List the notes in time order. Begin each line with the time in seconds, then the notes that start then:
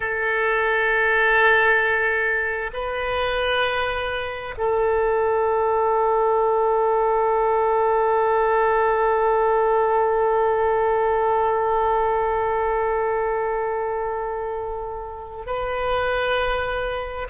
0.00 A4
2.73 B4
4.57 A4
15.45 B4